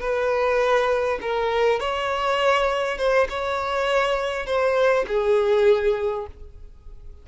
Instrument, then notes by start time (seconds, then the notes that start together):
violin
0.00 B4
1.21 A#4
1.80 C#5
2.97 C5
3.29 C#5
4.46 C5
5.08 G#4